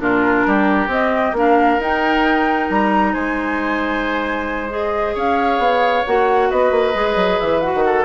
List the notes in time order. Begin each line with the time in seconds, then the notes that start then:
0.00 A#2 D4 F4 A#4
0.47 G3 G4
0.87 C4 D#5
1.33 A#3 D4 A#4 F5
1.79 D#4 G5
2.70 G3 A#5
3.14 G#3 C5 G#5
4.70 G#4 D#5
5.15 C#4 C#5 F5
5.59 B3
6.07 A#3 F#4 F#5
6.50 B3 B4 D#5
6.71 A#3
6.94 G#3 G#4
7.16 F#3
7.40 E3 E5
7.61 F#4 F#5
7.74 D#3
7.86 A4